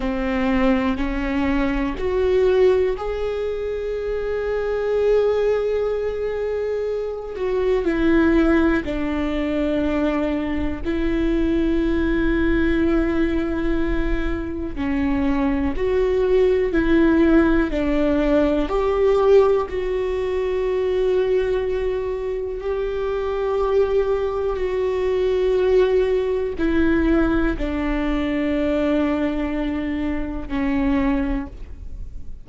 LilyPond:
\new Staff \with { instrumentName = "viola" } { \time 4/4 \tempo 4 = 61 c'4 cis'4 fis'4 gis'4~ | gis'2.~ gis'8 fis'8 | e'4 d'2 e'4~ | e'2. cis'4 |
fis'4 e'4 d'4 g'4 | fis'2. g'4~ | g'4 fis'2 e'4 | d'2. cis'4 | }